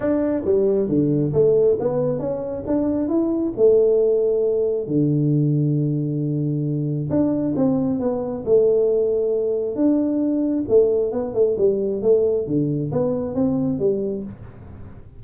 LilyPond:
\new Staff \with { instrumentName = "tuba" } { \time 4/4 \tempo 4 = 135 d'4 g4 d4 a4 | b4 cis'4 d'4 e'4 | a2. d4~ | d1 |
d'4 c'4 b4 a4~ | a2 d'2 | a4 b8 a8 g4 a4 | d4 b4 c'4 g4 | }